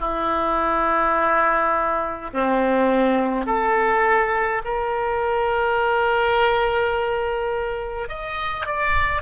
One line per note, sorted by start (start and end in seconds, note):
0.00 2.31 E4
2.33 3.47 C4
3.47 4.62 A4
4.65 8.09 A#4
8.09 8.66 D#5
8.66 9.22 D5